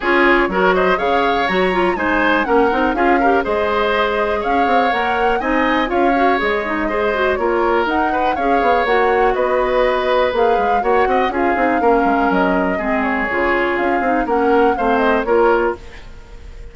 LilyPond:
<<
  \new Staff \with { instrumentName = "flute" } { \time 4/4 \tempo 4 = 122 cis''4. dis''8 f''4 ais''4 | gis''4 fis''4 f''4 dis''4~ | dis''4 f''4 fis''4 gis''4 | f''4 dis''2 cis''4 |
fis''4 f''4 fis''4 dis''4~ | dis''4 f''4 fis''4 f''4~ | f''4 dis''4. cis''4. | f''4 fis''4 f''8 dis''8 cis''4 | }
  \new Staff \with { instrumentName = "oboe" } { \time 4/4 gis'4 ais'8 c''8 cis''2 | c''4 ais'4 gis'8 ais'8 c''4~ | c''4 cis''2 dis''4 | cis''2 c''4 ais'4~ |
ais'8 b'8 cis''2 b'4~ | b'2 cis''8 dis''8 gis'4 | ais'2 gis'2~ | gis'4 ais'4 c''4 ais'4 | }
  \new Staff \with { instrumentName = "clarinet" } { \time 4/4 f'4 fis'4 gis'4 fis'8 f'8 | dis'4 cis'8 dis'8 f'8 g'8 gis'4~ | gis'2 ais'4 dis'4 | f'8 fis'8 gis'8 dis'8 gis'8 fis'8 f'4 |
dis'4 gis'4 fis'2~ | fis'4 gis'4 fis'4 f'8 dis'8 | cis'2 c'4 f'4~ | f'8 dis'8 cis'4 c'4 f'4 | }
  \new Staff \with { instrumentName = "bassoon" } { \time 4/4 cis'4 fis4 cis4 fis4 | gis4 ais8 c'8 cis'4 gis4~ | gis4 cis'8 c'8 ais4 c'4 | cis'4 gis2 ais4 |
dis'4 cis'8 b8 ais4 b4~ | b4 ais8 gis8 ais8 c'8 cis'8 c'8 | ais8 gis8 fis4 gis4 cis4 | cis'8 c'8 ais4 a4 ais4 | }
>>